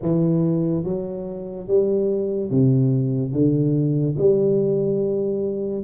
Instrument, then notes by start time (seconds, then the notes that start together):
tuba
0.02 E3
0.84 F#3
1.67 G3
2.50 C3
3.32 D3
4.17 G3